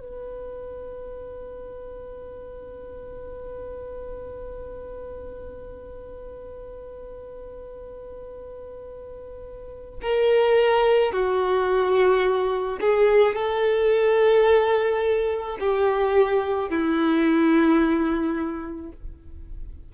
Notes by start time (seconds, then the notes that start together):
0.00 B4
10.02 A#4
11.12 F#4
12.80 G#4
13.35 A4
15.60 G4
16.69 E4